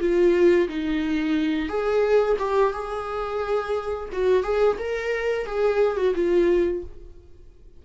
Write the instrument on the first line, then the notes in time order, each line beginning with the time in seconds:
viola
0.00 F4
0.68 D#4
1.69 G#4
2.39 G4
2.73 G#4
4.12 F#4
4.43 G#4
4.79 A#4
5.46 G#4
5.97 F#4
6.15 F4